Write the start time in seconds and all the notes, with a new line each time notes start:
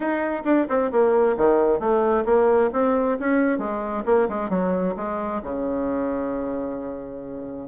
0.00 D#4
0.44 D4
0.68 C4
0.91 A#3
1.37 D#3
1.79 A3
2.25 A#3
2.73 C4
3.19 C#4
3.58 G#3
4.05 A#3
4.29 G#3
4.49 F#3
4.96 G#3
5.42 C#3